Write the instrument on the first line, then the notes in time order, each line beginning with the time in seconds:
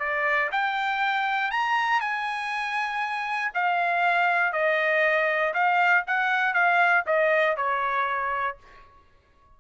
trumpet
0.00 D5
0.52 G5
1.51 A#5
2.01 G#5
3.55 F5
4.53 D#5
5.54 F5
6.08 F#5
6.54 F5
7.07 D#5
7.57 C#5